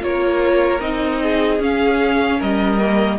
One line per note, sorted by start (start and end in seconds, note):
0.00 0.80 A#3
0.00 0.79 F4
0.00 1.22 A#4
0.00 0.80 C#5
0.80 1.59 C4
0.80 1.59 D#4
0.80 1.59 D#5
1.22 2.39 G#4
1.59 2.38 C#4
1.59 2.78 C#4
1.59 2.41 F5
2.39 3.19 G3
2.39 3.18 A#4
2.39 3.19 D#5
2.79 3.19 A#3